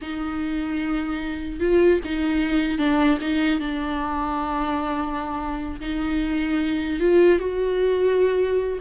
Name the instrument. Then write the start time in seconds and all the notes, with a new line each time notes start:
viola
0.01 D#4
1.60 F4
2.04 D#4
2.78 D4
3.21 D#4
3.60 D4
5.80 D#4
6.99 F4
7.38 F#4